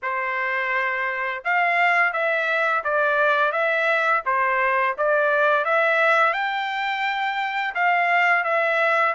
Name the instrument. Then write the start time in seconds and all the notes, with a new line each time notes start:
trumpet
0.02 C5
1.44 F5
2.12 E5
2.84 D5
3.51 E5
4.25 C5
4.97 D5
5.65 E5
6.33 G5
7.75 F5
8.44 E5